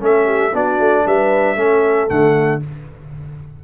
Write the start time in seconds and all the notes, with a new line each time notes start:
0.00 A3 C#4 A4 E5
0.26 G4
0.53 B3 D4 F#4 D5
0.79 A3
1.06 G3 B4 E5
1.56 A3 C#4 A4
2.08 D3 A3 F#5